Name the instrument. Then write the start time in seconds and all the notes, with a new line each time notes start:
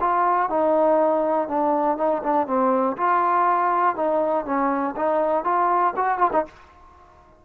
trombone
0.00 F4
0.49 D#4
1.48 D4
1.98 D#4
2.23 D4
2.47 C4
2.97 F4
3.96 D#4
4.46 C#4
4.96 D#4
5.44 F4
5.96 F#4
6.18 F4
6.33 D#4